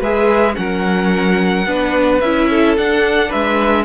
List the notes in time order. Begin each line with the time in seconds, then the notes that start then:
0.00 G#3 G#4 B4 E5
0.55 F#3 C#4 A#4 F#5
1.67 B3 D4 B4
2.21 C#4 E4 E5
2.50 A4
2.78 D4 F#5
3.29 G#3 B4 E5